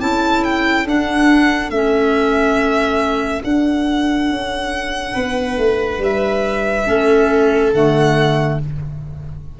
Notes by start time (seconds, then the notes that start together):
0.00 C#4 E4 A4 A5
0.44 G5
0.85 D4 F#5
1.70 A3 C#4 E5
3.43 D4 F#5
4.29 C#4
5.14 B3 B4
5.57 A3
5.98 G3 E5
6.86 A3 C#4 A4
7.73 D3 A3 F#5